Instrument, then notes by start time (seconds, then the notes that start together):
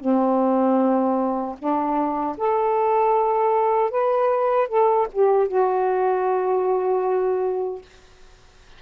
saxophone
0.00 C4
1.59 D4
2.38 A4
3.91 B4
4.68 A4
5.13 G4
5.48 F#4